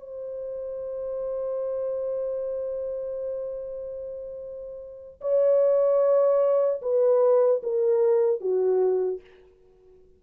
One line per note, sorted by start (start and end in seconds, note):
0.00 5.20 C5
5.21 6.81 C#5
6.81 7.61 B4
7.63 8.40 A#4
8.40 9.20 F#4